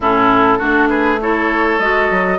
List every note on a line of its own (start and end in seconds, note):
0.00 0.60 A2
0.00 0.59 C#4
0.00 0.58 E4
0.00 0.88 A4
0.58 1.79 A3
0.58 1.19 D4
0.58 0.88 F#4
0.88 1.19 G#4
0.88 1.18 B4
1.21 1.80 E4
1.21 2.39 A4
1.21 1.79 C#5
1.79 2.09 G#3
1.79 2.39 F#4
1.79 2.39 D#5
2.10 2.39 F#3